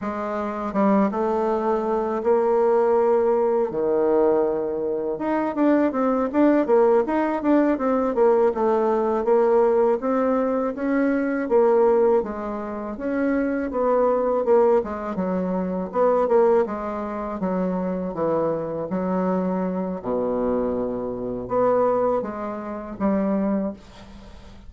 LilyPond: \new Staff \with { instrumentName = "bassoon" } { \time 4/4 \tempo 4 = 81 gis4 g8 a4. ais4~ | ais4 dis2 dis'8 d'8 | c'8 d'8 ais8 dis'8 d'8 c'8 ais8 a8~ | a8 ais4 c'4 cis'4 ais8~ |
ais8 gis4 cis'4 b4 ais8 | gis8 fis4 b8 ais8 gis4 fis8~ | fis8 e4 fis4. b,4~ | b,4 b4 gis4 g4 | }